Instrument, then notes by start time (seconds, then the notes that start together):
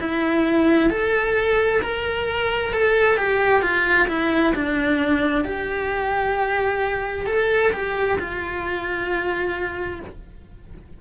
cello
0.00 E4
0.90 A4
1.82 A#4
2.73 A4
3.17 G4
3.62 F4
4.08 E4
4.55 D4
5.45 G4
7.26 A4
7.73 G4
8.19 F4